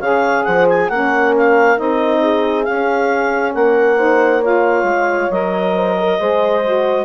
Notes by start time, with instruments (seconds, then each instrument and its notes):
0.00 bassoon C#3, saxophone G#4, horn C#5, clarinet F5
0.44 bassoon F3, horn C5, clarinet F#5
0.70 clarinet G#5
0.89 bassoon A#3, saxophone C#4, horn A#4, clarinet F#5
1.37 clarinet F5
1.76 bassoon C4, saxophone D#4, clarinet D#5
2.21 horn G#4
2.64 saxophone C#4, bassoon C#4, clarinet F5
3.54 bassoon A#3, horn A#4, clarinet F#5
3.97 saxophone D#4, horn C5
4.41 saxophone F4, horn C#5, clarinet F5
4.83 bassoon G#3
5.30 bassoon F#3, saxophone A#4, clarinet D#5
5.75 horn C5
5.98 horn A#4
6.17 bassoon G#3, saxophone G#4, horn C5
6.63 saxophone F#4